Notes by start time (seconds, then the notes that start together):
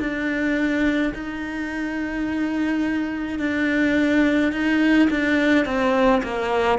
0.00 D4
1.14 D#4
3.39 D4
4.52 D#4
5.10 D4
5.66 C4
6.23 A#3